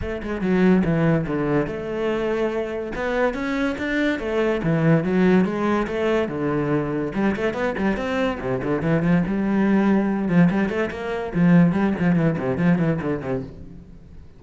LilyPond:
\new Staff \with { instrumentName = "cello" } { \time 4/4 \tempo 4 = 143 a8 gis8 fis4 e4 d4 | a2. b4 | cis'4 d'4 a4 e4 | fis4 gis4 a4 d4~ |
d4 g8 a8 b8 g8 c'4 | c8 d8 e8 f8 g2~ | g8 f8 g8 a8 ais4 f4 | g8 f8 e8 c8 f8 e8 d8 c8 | }